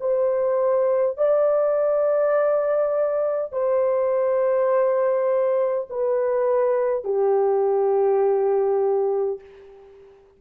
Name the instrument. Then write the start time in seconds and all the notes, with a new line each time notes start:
horn
0.00 C5
1.18 D5
3.52 C5
5.90 B4
7.04 G4